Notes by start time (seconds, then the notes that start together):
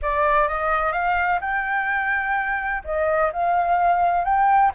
0.02 D5
0.48 D#5
0.92 F5
1.40 G5
2.84 D#5
3.32 F5
4.24 G5